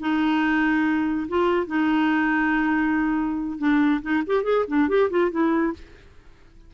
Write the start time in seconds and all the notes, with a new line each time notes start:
0.00 D#4
1.29 F4
1.67 D#4
3.59 D4
4.02 D#4
4.27 G4
4.44 G#4
4.68 D4
4.89 G4
5.10 F4
5.31 E4